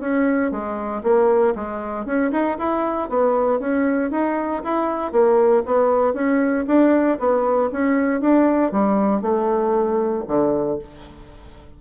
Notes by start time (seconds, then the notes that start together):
0.00 C#4
0.51 G#3
1.03 A#3
1.55 G#3
2.05 C#4
2.31 D#4
2.58 E4
3.09 B3
3.60 C#4
4.11 D#4
4.64 E4
5.12 A#3
5.66 B3
6.14 C#4
6.67 D4
7.19 B3
7.72 C#4
8.21 D4
8.71 G3
9.21 A3
10.28 D3